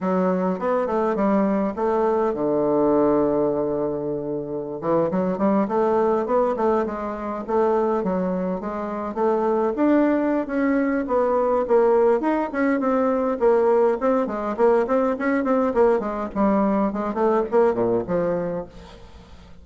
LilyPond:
\new Staff \with { instrumentName = "bassoon" } { \time 4/4 \tempo 4 = 103 fis4 b8 a8 g4 a4 | d1~ | d16 e8 fis8 g8 a4 b8 a8 gis16~ | gis8. a4 fis4 gis4 a16~ |
a8. d'4~ d'16 cis'4 b4 | ais4 dis'8 cis'8 c'4 ais4 | c'8 gis8 ais8 c'8 cis'8 c'8 ais8 gis8 | g4 gis8 a8 ais8 ais,8 f4 | }